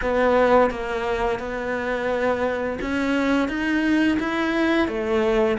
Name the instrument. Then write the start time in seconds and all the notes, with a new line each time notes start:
cello
0.01 B3
0.70 A#3
1.39 B3
2.81 C#4
3.48 D#4
4.19 E4
4.88 A3